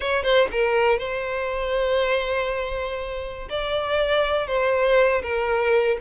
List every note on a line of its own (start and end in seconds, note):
0.00 0.23 C#5
0.23 0.48 C5
0.51 0.98 A#4
0.98 3.48 C5
3.49 4.47 D5
4.47 5.22 C5
5.22 5.97 A#4